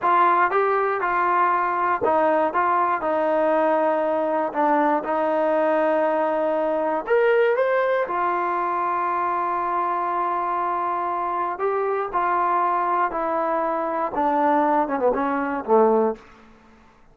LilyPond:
\new Staff \with { instrumentName = "trombone" } { \time 4/4 \tempo 4 = 119 f'4 g'4 f'2 | dis'4 f'4 dis'2~ | dis'4 d'4 dis'2~ | dis'2 ais'4 c''4 |
f'1~ | f'2. g'4 | f'2 e'2 | d'4. cis'16 b16 cis'4 a4 | }